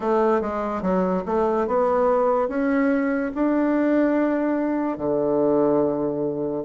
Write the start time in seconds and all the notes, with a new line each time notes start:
0.00 A3
0.41 G#3
0.81 F#3
1.25 A3
1.67 B3
2.48 C#4
3.34 D4
4.97 D3